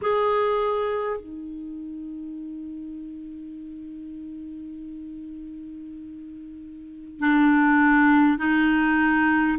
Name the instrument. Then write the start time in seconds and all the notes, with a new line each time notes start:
clarinet
0.01 G#4
1.19 D#4
7.19 D4
8.38 D#4